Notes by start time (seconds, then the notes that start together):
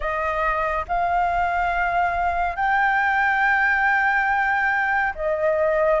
0.00 D#5
0.88 F5
2.56 G5
5.15 D#5